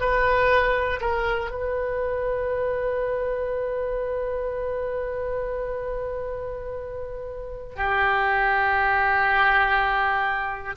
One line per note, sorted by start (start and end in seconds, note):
0.00 1.00 B4
1.01 1.51 A#4
1.51 7.76 B4
7.76 10.76 G4